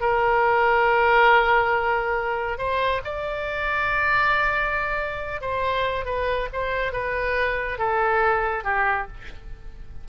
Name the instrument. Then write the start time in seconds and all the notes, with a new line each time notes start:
oboe
0.00 A#4
2.58 C5
3.04 D5
5.41 C5
6.05 B4
6.52 C5
6.92 B4
7.78 A4
8.64 G4